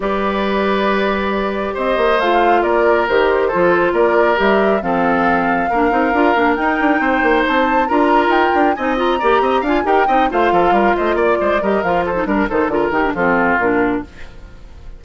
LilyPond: <<
  \new Staff \with { instrumentName = "flute" } { \time 4/4 \tempo 4 = 137 d''1 | dis''4 f''4 d''4 c''4~ | c''4 d''4 e''4 f''4~ | f''2. g''4~ |
g''4 a''4 ais''4 g''4 | gis''8 ais''4. gis''8 g''4 f''8~ | f''4 dis''8 d''4 dis''8 f''8 c''8 | ais'8 c''8 ais'8 g'8 a'4 ais'4 | }
  \new Staff \with { instrumentName = "oboe" } { \time 4/4 b'1 | c''2 ais'2 | a'4 ais'2 a'4~ | a'4 ais'2. |
c''2 ais'2 | dis''4 d''8 dis''8 f''8 ais'8 dis''8 c''8 | a'8 ais'8 c''8 d''8 c''8 ais'4 a'8 | ais'8 a'8 ais'4 f'2 | }
  \new Staff \with { instrumentName = "clarinet" } { \time 4/4 g'1~ | g'4 f'2 g'4 | f'2 g'4 c'4~ | c'4 d'8 dis'8 f'8 d'8 dis'4~ |
dis'2 f'2 | dis'8 f'8 g'4 f'8 g'8 dis'8 f'8~ | f'2~ f'8 g'8 f'8. dis'16 | d'8 dis'8 f'8 dis'16 d'16 c'4 d'4 | }
  \new Staff \with { instrumentName = "bassoon" } { \time 4/4 g1 | c'8 ais8 a4 ais4 dis4 | f4 ais4 g4 f4~ | f4 ais8 c'8 d'8 ais8 dis'8 d'8 |
c'8 ais8 c'4 d'4 dis'8 d'8 | c'4 ais8 c'8 d'8 dis'8 c'8 a8 | f8 g8 a8 ais8 gis8 g8 f4 | g8 dis8 d8 dis8 f4 ais,4 | }
>>